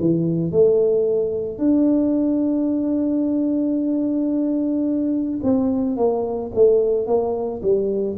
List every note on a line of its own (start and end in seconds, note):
0.00 0.52 E3
0.52 1.58 A3
1.58 5.40 D4
5.43 5.97 C4
5.97 6.52 A#3
6.55 7.07 A3
7.07 7.61 A#3
7.63 8.17 G3